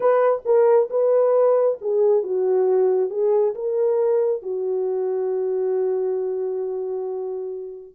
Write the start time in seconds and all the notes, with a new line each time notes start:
0.00 B4
0.45 A#4
0.89 B4
1.81 G#4
2.23 F#4
3.10 G#4
3.55 A#4
4.42 F#4